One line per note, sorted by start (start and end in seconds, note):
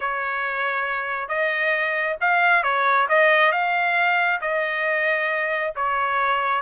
0.00 1.28 C#5
1.28 2.16 D#5
2.20 2.63 F5
2.63 3.07 C#5
3.09 3.52 D#5
3.52 4.40 F5
4.41 5.73 D#5
5.75 6.61 C#5